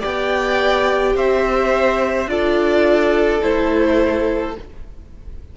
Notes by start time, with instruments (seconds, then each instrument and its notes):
0.00 cello B3, viola G4, violin D5 G5
1.16 cello C4, violin C5 E5
2.27 cello D4, viola F4, violin A4 D5
3.41 cello A3, viola E4, violin C5